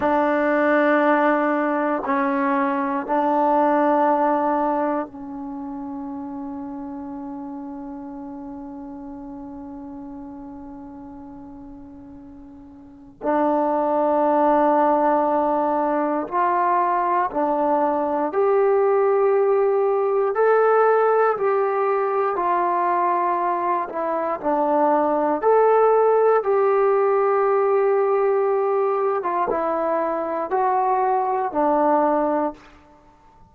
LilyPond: \new Staff \with { instrumentName = "trombone" } { \time 4/4 \tempo 4 = 59 d'2 cis'4 d'4~ | d'4 cis'2.~ | cis'1~ | cis'4 d'2. |
f'4 d'4 g'2 | a'4 g'4 f'4. e'8 | d'4 a'4 g'2~ | g'8. f'16 e'4 fis'4 d'4 | }